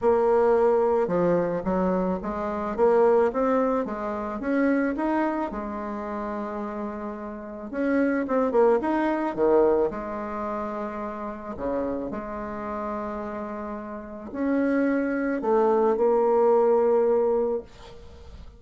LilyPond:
\new Staff \with { instrumentName = "bassoon" } { \time 4/4 \tempo 4 = 109 ais2 f4 fis4 | gis4 ais4 c'4 gis4 | cis'4 dis'4 gis2~ | gis2 cis'4 c'8 ais8 |
dis'4 dis4 gis2~ | gis4 cis4 gis2~ | gis2 cis'2 | a4 ais2. | }